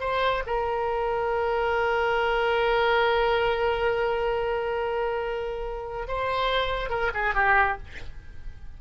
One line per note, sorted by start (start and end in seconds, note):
0.00 0.43 C5
0.47 6.07 A#4
6.07 6.90 C5
6.90 7.11 A#4
7.14 7.34 G#4
7.34 7.78 G4